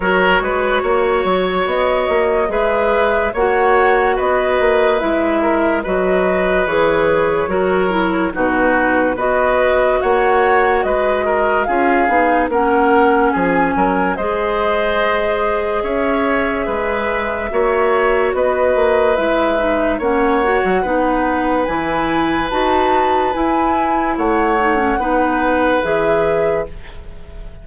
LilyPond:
<<
  \new Staff \with { instrumentName = "flute" } { \time 4/4 \tempo 4 = 72 cis''2 dis''4 e''4 | fis''4 dis''4 e''4 dis''4 | cis''2 b'4 dis''4 | fis''4 dis''4 f''4 fis''4 |
gis''4 dis''2 e''4~ | e''2 dis''4 e''4 | fis''2 gis''4 a''4 | gis''4 fis''2 e''4 | }
  \new Staff \with { instrumentName = "oboe" } { \time 4/4 ais'8 b'8 cis''2 b'4 | cis''4 b'4. ais'8 b'4~ | b'4 ais'4 fis'4 b'4 | cis''4 b'8 ais'8 gis'4 ais'4 |
gis'8 ais'8 c''2 cis''4 | b'4 cis''4 b'2 | cis''4 b'2.~ | b'4 cis''4 b'2 | }
  \new Staff \with { instrumentName = "clarinet" } { \time 4/4 fis'2. gis'4 | fis'2 e'4 fis'4 | gis'4 fis'8 e'8 dis'4 fis'4~ | fis'2 f'8 dis'8 cis'4~ |
cis'4 gis'2.~ | gis'4 fis'2 e'8 dis'8 | cis'8 fis'8 dis'4 e'4 fis'4 | e'4. dis'16 cis'16 dis'4 gis'4 | }
  \new Staff \with { instrumentName = "bassoon" } { \time 4/4 fis8 gis8 ais8 fis8 b8 ais8 gis4 | ais4 b8 ais8 gis4 fis4 | e4 fis4 b,4 b4 | ais4 gis4 cis'8 b8 ais4 |
f8 fis8 gis2 cis'4 | gis4 ais4 b8 ais8 gis4 | ais8. fis16 b4 e4 dis'4 | e'4 a4 b4 e4 | }
>>